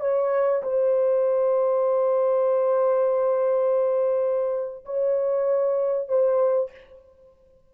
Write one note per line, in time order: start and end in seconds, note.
0.00 0.62 C#5
0.63 4.85 C5
4.85 6.09 C#5
6.09 6.71 C5